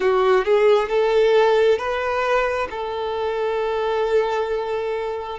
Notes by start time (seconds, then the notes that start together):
0.00 F#4
0.45 G#4
0.88 A4
1.78 B4
2.70 A4